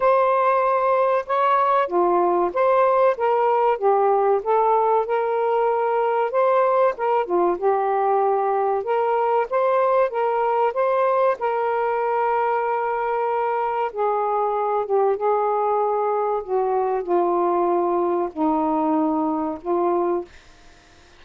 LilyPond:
\new Staff \with { instrumentName = "saxophone" } { \time 4/4 \tempo 4 = 95 c''2 cis''4 f'4 | c''4 ais'4 g'4 a'4 | ais'2 c''4 ais'8 f'8 | g'2 ais'4 c''4 |
ais'4 c''4 ais'2~ | ais'2 gis'4. g'8 | gis'2 fis'4 f'4~ | f'4 dis'2 f'4 | }